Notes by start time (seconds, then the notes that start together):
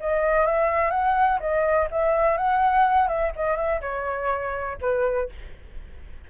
0.00 D#5
0.46 E5
0.91 F#5
1.40 D#5
1.91 E5
2.37 F#5
3.07 E5
3.36 D#5
3.56 E5
3.81 C#5
4.81 B4